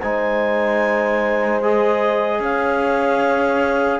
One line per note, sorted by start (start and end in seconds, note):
0.00 2.40 G#3
0.00 1.63 D#4
0.00 2.40 C5
0.00 1.61 G#5
1.62 4.00 G#4
1.62 2.42 D#5
2.40 4.00 C#4
2.40 4.00 C#5
2.40 4.00 F5